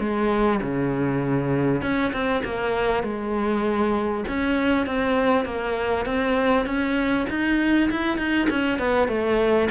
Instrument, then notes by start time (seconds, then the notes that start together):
cello
0.00 G#3
0.62 C#3
1.82 C#4
2.13 C4
2.45 A#3
3.04 G#3
4.28 C#4
4.87 C4
5.45 A#3
6.06 C4
6.66 C#4
7.30 D#4
7.91 E4
8.18 D#4
8.50 C#4
8.79 B3
9.09 A3